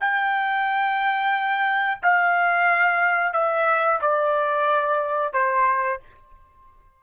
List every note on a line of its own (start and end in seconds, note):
0.00 2.00 G5
2.02 3.33 F5
3.33 4.00 E5
4.01 5.33 D5
5.33 5.99 C5